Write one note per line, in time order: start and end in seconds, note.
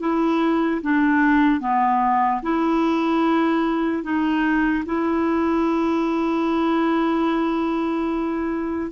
0.00 0.81 E4
0.82 1.60 D4
1.60 2.41 B3
2.43 4.03 E4
4.03 4.84 D#4
4.86 8.91 E4